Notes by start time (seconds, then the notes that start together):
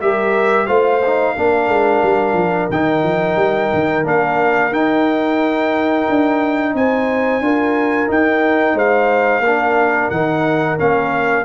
0.00 G3 G4 A#4 E5
0.66 A3 F4 C5 F5
1.06 D#4
1.35 A#3 D4 A#4
1.68 G#3
2.03 G3
2.33 F3
2.70 D#3 D#4 G5
3.03 F3
3.36 G3
3.73 D#3
4.04 A#3 D4 F5
4.71 D#4 G5
6.09 D4
6.74 C4 C5 G#5
7.40 D4 F4 A#4
8.07 D#4 G5
8.73 G#3 C5 F5
9.39 A#3 A#4
9.46 D4
10.09 D#3 D#4 F#5
10.78 A#3 C#4 F5